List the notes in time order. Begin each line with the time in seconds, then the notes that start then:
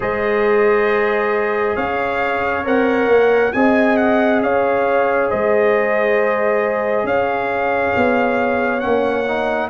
0.00 G#3 G#4 C5 D#5
1.75 C#4 C#5 F5
2.63 C4 A#4 F#5
3.07 A#3
3.52 C4 G#4 D#5 G#5
3.96 F#5
4.42 C#4 C#5 F5
5.29 G#3 C5 D#5
7.03 C#4 C#5 F5
7.96 B3
8.80 A#3 C#4 F#5
9.27 D#4